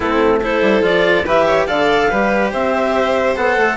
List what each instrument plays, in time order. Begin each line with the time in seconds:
0.00 bassoon A3, cello C4, violin E4, clarinet A4
0.42 cello E4, violin A4, clarinet C5
0.61 bassoon G3
0.82 bassoon F3, cello F4, clarinet D5
1.24 bassoon E3, cello G4, violin B4, clarinet E5
1.45 violin C#5
1.66 bassoon D3, cello A4, violin D5, clarinet F5
2.09 bassoon G3, cello G4, violin B4
2.51 bassoon C4, violin C5, clarinet E5
3.35 bassoon B3, cello A4, clarinet F#5
3.56 bassoon A3